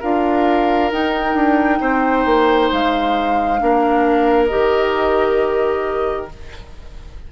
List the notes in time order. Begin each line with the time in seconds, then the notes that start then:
0.00 D4 F4 A#4 F5
0.92 D#4 G5
1.35 D4
1.81 C4 C5
2.26 A#3
2.71 G#3 F5
3.59 A#3 D4 A#4
4.46 G4 D#5
4.53 D#3